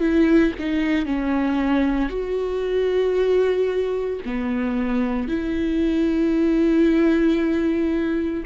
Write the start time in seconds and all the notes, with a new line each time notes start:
0.00 E4
0.59 D#4
1.06 C#4
2.10 F#4
4.26 B3
5.28 E4